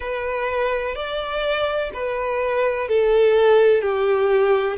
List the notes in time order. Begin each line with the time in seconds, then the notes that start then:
0.00 B4
0.95 D5
1.93 B4
2.88 A4
3.81 G4